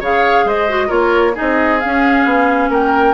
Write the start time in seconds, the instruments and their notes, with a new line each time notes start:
0.00 bassoon C#3, clarinet G#4, oboe C#5, flute F5
0.45 bassoon G#3, oboe C5, flute D#5
0.69 clarinet F#4
0.87 bassoon A#3, clarinet F4, oboe A#4, flute C#5
1.34 clarinet D#4, oboe G#4, flute D#5
1.41 bassoon C4
1.80 clarinet C#4, bassoon C#4, flute F5
2.25 bassoon B3
2.69 bassoon A#3, oboe A#4, flute G5